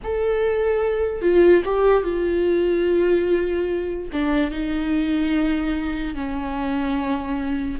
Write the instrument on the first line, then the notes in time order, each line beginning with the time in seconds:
viola
0.03 A4
1.21 F4
1.64 G4
2.03 F4
4.12 D4
4.50 D#4
6.14 C#4